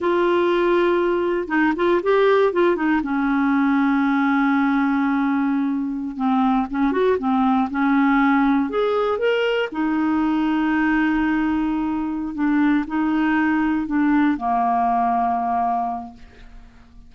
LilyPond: \new Staff \with { instrumentName = "clarinet" } { \time 4/4 \tempo 4 = 119 f'2. dis'8 f'8 | g'4 f'8 dis'8 cis'2~ | cis'1~ | cis'16 c'4 cis'8 fis'8 c'4 cis'8.~ |
cis'4~ cis'16 gis'4 ais'4 dis'8.~ | dis'1~ | dis'8 d'4 dis'2 d'8~ | d'8 ais2.~ ais8 | }